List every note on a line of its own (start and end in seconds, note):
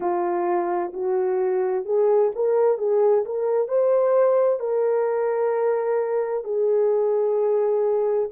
0.00 0.92 F4
0.93 1.85 F#4
1.85 2.31 G#4
2.35 2.78 A#4
2.78 3.24 G#4
3.25 3.68 A#4
3.68 4.59 C5
4.59 6.44 A#4
6.44 8.28 G#4